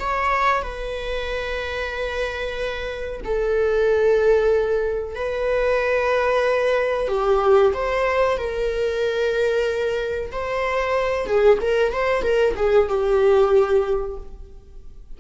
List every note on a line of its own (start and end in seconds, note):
0.00 0.63 C#5
0.63 3.21 B4
3.25 5.16 A4
5.16 7.09 B4
7.09 7.73 G4
7.74 8.38 C5
8.38 10.32 A#4
10.32 11.27 C5
11.27 11.59 G#4
11.62 11.93 A#4
11.93 12.23 C5
12.23 12.55 A#4
12.57 12.89 G#4
12.89 14.18 G4